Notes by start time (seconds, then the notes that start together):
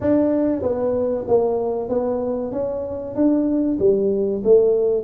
0.01 D4
0.62 B3
1.27 A#3
1.88 B3
2.51 C#4
3.15 D4
3.79 G3
4.44 A3